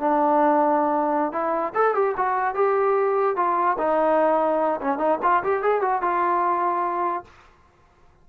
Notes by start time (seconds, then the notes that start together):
0.00 D4
1.32 E4
1.75 A4
1.95 G4
2.17 F#4
2.55 G4
3.36 F4
3.78 D#4
4.81 C#4
4.98 D#4
5.23 F4
5.43 G4
5.63 G#4
5.82 F#4
6.02 F4